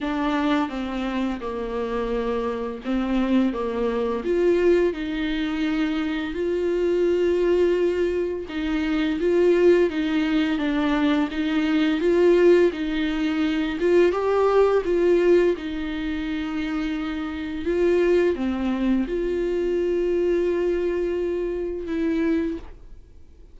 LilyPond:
\new Staff \with { instrumentName = "viola" } { \time 4/4 \tempo 4 = 85 d'4 c'4 ais2 | c'4 ais4 f'4 dis'4~ | dis'4 f'2. | dis'4 f'4 dis'4 d'4 |
dis'4 f'4 dis'4. f'8 | g'4 f'4 dis'2~ | dis'4 f'4 c'4 f'4~ | f'2. e'4 | }